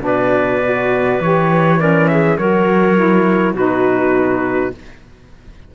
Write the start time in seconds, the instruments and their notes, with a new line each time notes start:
0.00 cello B2, saxophone D4, clarinet B4, trumpet D5
0.62 saxophone F#4
1.20 cello E3, saxophone G4, trumpet C#5
1.79 saxophone C#4, clarinet A#4, trumpet D5
2.07 clarinet G#4, trumpet E5
2.37 cello F#3, saxophone F#4, clarinet A#4, trumpet C#5
2.96 saxophone E4
3.53 cello B2, saxophone D#4, clarinet F#4, trumpet B4